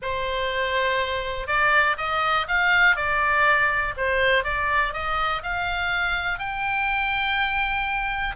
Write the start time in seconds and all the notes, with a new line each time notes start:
0.01 C5
1.47 D5
1.97 D#5
2.48 F5
2.96 D5
3.96 C5
4.44 D5
4.93 D#5
5.42 F5
6.38 G5